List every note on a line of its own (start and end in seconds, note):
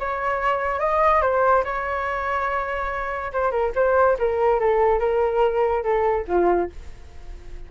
0.00 0.80 C#5
0.80 1.22 D#5
1.22 1.64 C5
1.65 3.32 C#5
3.33 3.51 C5
3.51 3.72 A#4
3.76 4.18 C5
4.19 4.60 A#4
4.60 5.00 A4
5.00 5.84 A#4
5.84 6.26 A4
6.28 6.70 F4